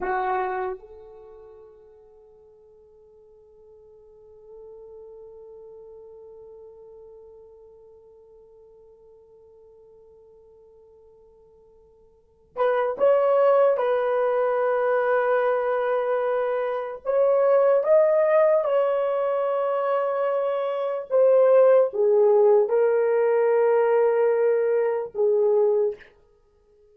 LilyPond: \new Staff \with { instrumentName = "horn" } { \time 4/4 \tempo 4 = 74 fis'4 a'2.~ | a'1~ | a'1~ | a'2.~ a'8 b'8 |
cis''4 b'2.~ | b'4 cis''4 dis''4 cis''4~ | cis''2 c''4 gis'4 | ais'2. gis'4 | }